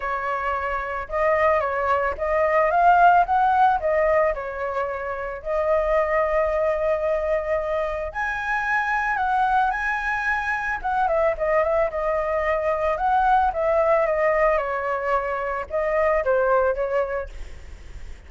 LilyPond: \new Staff \with { instrumentName = "flute" } { \time 4/4 \tempo 4 = 111 cis''2 dis''4 cis''4 | dis''4 f''4 fis''4 dis''4 | cis''2 dis''2~ | dis''2. gis''4~ |
gis''4 fis''4 gis''2 | fis''8 e''8 dis''8 e''8 dis''2 | fis''4 e''4 dis''4 cis''4~ | cis''4 dis''4 c''4 cis''4 | }